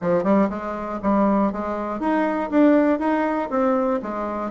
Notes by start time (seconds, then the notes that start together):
0.01 F3
0.23 G3
0.49 G#3
1.02 G3
1.52 G#3
2.00 D#4
2.50 D4
2.99 D#4
3.50 C4
4.02 G#3